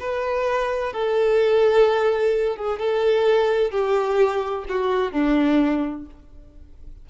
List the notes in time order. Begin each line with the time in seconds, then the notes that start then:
0.00 B4
0.93 A4
2.57 G#4
2.79 A4
3.72 G4
4.69 F#4
5.12 D4